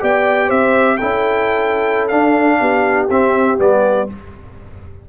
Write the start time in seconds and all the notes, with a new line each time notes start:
0.00 B3 G4 D5 G5
0.47 C4 C5 E5
0.97 C#4 E4 A4 G5
2.08 D4 F5
2.60 B3 G4
3.10 C4 E5
3.58 G3 B3 D5